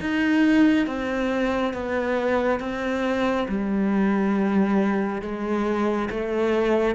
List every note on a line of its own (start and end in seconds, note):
0.00 0.87 D#4
0.87 1.73 C4
1.73 2.60 B3
2.60 3.47 C4
3.48 5.22 G3
5.22 6.09 G#3
6.10 6.95 A3